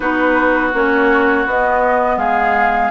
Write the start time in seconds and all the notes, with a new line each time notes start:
0.00 B3 D#4 F#4 B4
0.73 A#3 C#4 C#5
1.45 B3 D#5
2.16 G#3 G#4 F5